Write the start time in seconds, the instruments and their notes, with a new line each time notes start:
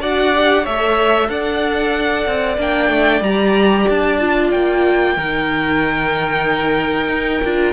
0.00 cello D4, viola F#4, violin D5 F#5
0.33 viola G4
0.63 cello A3, viola A4, violin C#5 E5
1.28 cello D4, violin D5 F#5
2.26 cello C4
2.57 cello A#3, viola D4, violin G5
2.89 cello A3
3.21 cello G3, viola G4, violin A#5
3.89 cello D4, violin A5
4.19 viola F4
4.50 cello A#3, violin G5
5.17 cello D#3, viola D#4, violin A#4
7.08 cello D#4
7.44 cello D4, viola F4